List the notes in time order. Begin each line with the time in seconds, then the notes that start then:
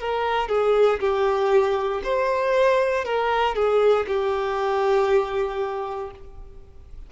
0.00 A#4
0.49 G#4
1.00 G4
2.04 C5
3.06 A#4
3.55 G#4
4.08 G4